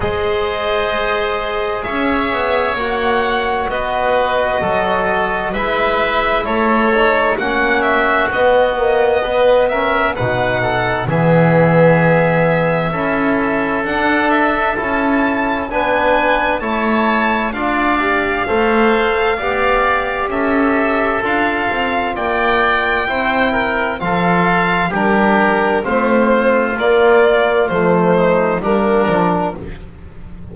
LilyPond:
<<
  \new Staff \with { instrumentName = "violin" } { \time 4/4 \tempo 4 = 65 dis''2 e''4 fis''4 | dis''2 e''4 cis''4 | fis''8 e''8 dis''4. e''8 fis''4 | e''2. fis''8 e''8 |
a''4 gis''4 a''4 f''4~ | f''2 e''4 f''4 | g''2 f''4 ais'4 | c''4 d''4 c''4 ais'4 | }
  \new Staff \with { instrumentName = "oboe" } { \time 4/4 c''2 cis''2 | b'4 a'4 b'4 a'4 | fis'2 b'8 ais'8 b'8 a'8 | gis'2 a'2~ |
a'4 b'4 cis''4 d''4 | c''4 d''4 a'2 | d''4 c''8 ais'8 a'4 g'4 | f'2~ f'8 dis'8 d'4 | }
  \new Staff \with { instrumentName = "trombone" } { \time 4/4 gis'2. fis'4~ | fis'2 e'4. dis'8 | cis'4 b8 ais8 b8 cis'8 dis'4 | b2 e'4 d'4 |
e'4 d'4 e'4 f'8 g'8 | a'4 g'2 f'4~ | f'4 e'4 f'4 d'4 | c'4 ais4 a4 ais8 d'8 | }
  \new Staff \with { instrumentName = "double bass" } { \time 4/4 gis2 cis'8 b8 ais4 | b4 fis4 gis4 a4 | ais4 b2 b,4 | e2 cis'4 d'4 |
cis'4 b4 a4 d'4 | a4 b4 cis'4 d'8 c'8 | ais4 c'4 f4 g4 | a4 ais4 f4 g8 f8 | }
>>